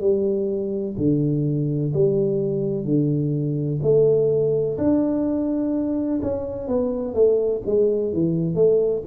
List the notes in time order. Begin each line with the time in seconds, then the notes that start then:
0.00 G3
0.97 D3
1.93 G3
2.84 D3
3.82 A3
4.77 D4
6.22 C#4
6.68 B3
7.14 A3
7.65 G#3
8.13 E3
8.55 A3